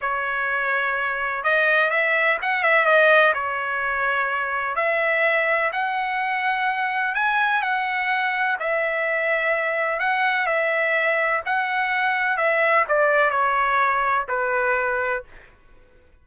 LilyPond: \new Staff \with { instrumentName = "trumpet" } { \time 4/4 \tempo 4 = 126 cis''2. dis''4 | e''4 fis''8 e''8 dis''4 cis''4~ | cis''2 e''2 | fis''2. gis''4 |
fis''2 e''2~ | e''4 fis''4 e''2 | fis''2 e''4 d''4 | cis''2 b'2 | }